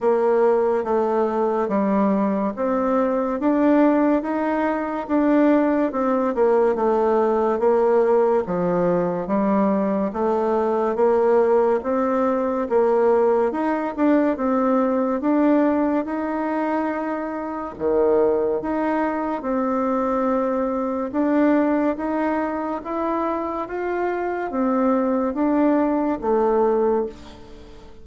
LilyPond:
\new Staff \with { instrumentName = "bassoon" } { \time 4/4 \tempo 4 = 71 ais4 a4 g4 c'4 | d'4 dis'4 d'4 c'8 ais8 | a4 ais4 f4 g4 | a4 ais4 c'4 ais4 |
dis'8 d'8 c'4 d'4 dis'4~ | dis'4 dis4 dis'4 c'4~ | c'4 d'4 dis'4 e'4 | f'4 c'4 d'4 a4 | }